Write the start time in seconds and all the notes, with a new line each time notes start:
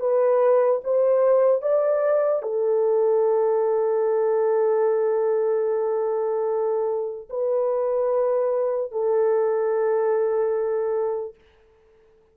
0.00 B4
0.84 C5
1.62 D5
2.43 A4
7.30 B4
8.92 A4